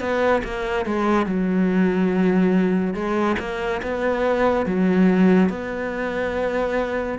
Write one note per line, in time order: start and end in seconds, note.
0.00 0.42 B3
0.44 0.86 A#3
0.86 1.26 G#3
1.26 2.94 F#3
2.94 3.36 G#3
3.39 3.81 A#3
3.83 4.66 B3
4.66 5.49 F#3
5.49 7.18 B3